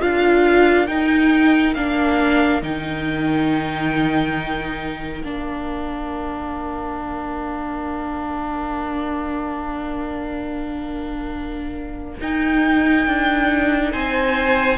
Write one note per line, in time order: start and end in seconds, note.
0.00 0.89 D4
0.00 0.87 F4
0.00 13.92 A#4
0.00 0.87 F5
0.87 1.76 D#4
0.87 1.74 G5
1.74 2.62 A#3
1.74 2.62 D4
1.74 2.61 F5
2.62 5.22 D#3
2.62 5.23 D#4
2.62 5.23 G5
5.22 12.18 A#3
5.22 12.20 D4
5.22 12.19 F5
12.21 13.07 D#4
12.21 14.79 D#4
12.21 13.93 G5
13.07 13.94 D4
13.92 14.79 C4
13.92 14.79 C5
13.92 14.79 G#5